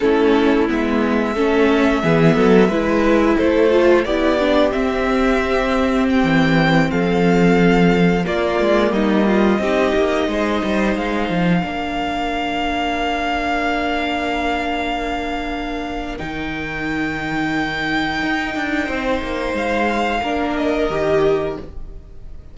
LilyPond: <<
  \new Staff \with { instrumentName = "violin" } { \time 4/4 \tempo 4 = 89 a'4 e''2.~ | e''4 c''4 d''4 e''4~ | e''4 g''4~ g''16 f''4.~ f''16~ | f''16 d''4 dis''2~ dis''8.~ |
dis''16 f''2.~ f''8.~ | f''1 | g''1~ | g''4 f''4. dis''4. | }
  \new Staff \with { instrumentName = "violin" } { \time 4/4 e'2 a'4 gis'8 a'8 | b'4 a'4 g'2~ | g'2~ g'16 a'4.~ a'16~ | a'16 f'4 dis'8 f'8 g'4 c''8.~ |
c''4~ c''16 ais'2~ ais'8.~ | ais'1~ | ais'1 | c''2 ais'2 | }
  \new Staff \with { instrumentName = "viola" } { \time 4/4 cis'4 b4 cis'4 b4 | e'4. f'8 e'8 d'8 c'4~ | c'1~ | c'16 ais2 dis'4.~ dis'16~ |
dis'4~ dis'16 d'2~ d'8.~ | d'1 | dis'1~ | dis'2 d'4 g'4 | }
  \new Staff \with { instrumentName = "cello" } { \time 4/4 a4 gis4 a4 e8 fis8 | gis4 a4 b4 c'4~ | c'4~ c'16 e4 f4.~ f16~ | f16 ais8 gis8 g4 c'8 ais8 gis8 g16~ |
g16 gis8 f8 ais2~ ais8.~ | ais1 | dis2. dis'8 d'8 | c'8 ais8 gis4 ais4 dis4 | }
>>